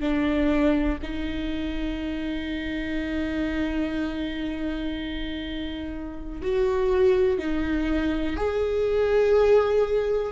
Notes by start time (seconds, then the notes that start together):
0.00 D4
1.02 D#4
6.42 F#4
7.38 D#4
8.36 G#4